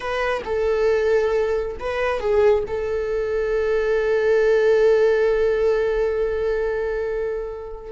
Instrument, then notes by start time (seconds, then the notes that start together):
viola
0.00 B4
0.44 A4
1.79 B4
2.20 G#4
2.67 A4